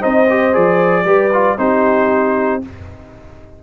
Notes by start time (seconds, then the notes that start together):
0.00 C4 D#4 C5 D#5
0.29 G4
0.53 F3 G#4 D5
1.05 G3 G4 B4
1.32 F4
1.57 C4 D#4 G4 C5